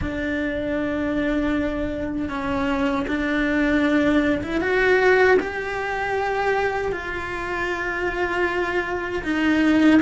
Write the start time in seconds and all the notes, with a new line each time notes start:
0.01 D4
2.29 C#4
3.07 D4
4.42 E4
4.60 F#4
5.39 G4
6.92 F4
9.23 D#4